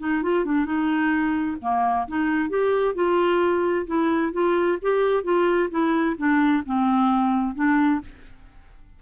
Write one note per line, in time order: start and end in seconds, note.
0.00 0.23 D#4
0.23 0.45 F4
0.45 0.66 D4
0.66 1.57 D#4
1.62 2.08 A#3
2.08 2.50 D#4
2.50 2.95 G4
2.95 3.87 F4
3.87 4.33 E4
4.33 4.79 F4
4.82 5.24 G4
5.24 5.70 F4
5.71 6.16 E4
6.18 6.64 D4
6.66 7.55 C4
7.55 8.01 D4